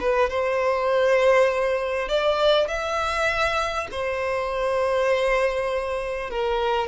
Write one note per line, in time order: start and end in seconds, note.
0.00 0.30 B4
0.30 2.09 C5
2.09 2.68 D5
2.68 3.88 E5
3.91 6.30 C5
6.30 6.87 A#4